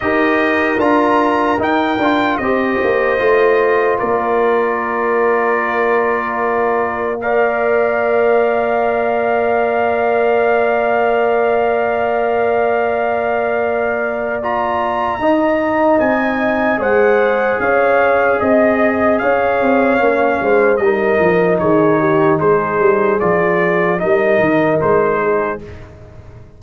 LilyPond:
<<
  \new Staff \with { instrumentName = "trumpet" } { \time 4/4 \tempo 4 = 75 dis''4 ais''4 g''4 dis''4~ | dis''4 d''2.~ | d''4 f''2.~ | f''1~ |
f''2 ais''2 | gis''4 fis''4 f''4 dis''4 | f''2 dis''4 cis''4 | c''4 d''4 dis''4 c''4 | }
  \new Staff \with { instrumentName = "horn" } { \time 4/4 ais'2. c''4~ | c''4 ais'2.~ | ais'4 d''2.~ | d''1~ |
d''2. dis''4~ | dis''4 c''4 cis''4 dis''4 | cis''4. c''8 ais'4 gis'8 g'8 | gis'2 ais'4. gis'8 | }
  \new Staff \with { instrumentName = "trombone" } { \time 4/4 g'4 f'4 dis'8 f'8 g'4 | f'1~ | f'4 ais'2.~ | ais'1~ |
ais'2 f'4 dis'4~ | dis'4 gis'2.~ | gis'4 cis'4 dis'2~ | dis'4 f'4 dis'2 | }
  \new Staff \with { instrumentName = "tuba" } { \time 4/4 dis'4 d'4 dis'8 d'8 c'8 ais8 | a4 ais2.~ | ais1~ | ais1~ |
ais2. dis'4 | c'4 gis4 cis'4 c'4 | cis'8 c'8 ais8 gis8 g8 f8 dis4 | gis8 g8 f4 g8 dis8 gis4 | }
>>